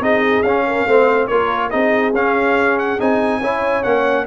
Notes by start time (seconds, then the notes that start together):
0.00 C4 D#4 G#4 D#5
0.42 C#4 F5
0.67 A#4
0.86 A3 C4 C5
1.27 A#3 F4 A#4 C#5
1.70 C4 D#4 G#4 D#5
2.12 C#4 F5
2.79 F#5
2.99 C4 D#4 G#5
3.41 C#4 E4 C#5
3.83 A#3 C#4 F#5